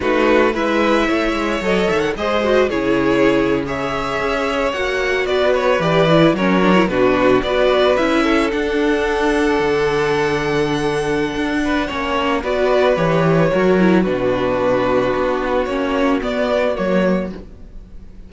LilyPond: <<
  \new Staff \with { instrumentName = "violin" } { \time 4/4 \tempo 4 = 111 b'4 e''2 dis''8 e''16 fis''16 | dis''4 cis''4.~ cis''16 e''4~ e''16~ | e''8. fis''4 d''8 cis''8 d''4 cis''16~ | cis''8. b'4 d''4 e''4 fis''16~ |
fis''1~ | fis''2. d''4 | cis''2 b'2~ | b'4 cis''4 d''4 cis''4 | }
  \new Staff \with { instrumentName = "violin" } { \time 4/4 fis'4 b'4 cis''2 | c''4 gis'4.~ gis'16 cis''4~ cis''16~ | cis''4.~ cis''16 b'2 ais'16~ | ais'8. fis'4 b'4. a'8.~ |
a'1~ | a'4. b'8 cis''4 b'4~ | b'4 ais'4 fis'2~ | fis'1 | }
  \new Staff \with { instrumentName = "viola" } { \time 4/4 dis'4 e'2 a'4 | gis'8 fis'8 e'4.~ e'16 gis'4~ gis'16~ | gis'8. fis'2 g'8 e'8 cis'16~ | cis'16 d'16 e'16 d'4 fis'4 e'4 d'16~ |
d'1~ | d'2 cis'4 fis'4 | g'4 fis'8 e'8 d'2~ | d'4 cis'4 b4 ais4 | }
  \new Staff \with { instrumentName = "cello" } { \time 4/4 a4 gis4 a8 gis8 fis8 dis8 | gis4 cis2~ cis8. cis'16~ | cis'8. ais4 b4 e4 fis16~ | fis8. b,4 b4 cis'4 d'16~ |
d'4.~ d'16 d2~ d16~ | d4 d'4 ais4 b4 | e4 fis4 b,2 | b4 ais4 b4 fis4 | }
>>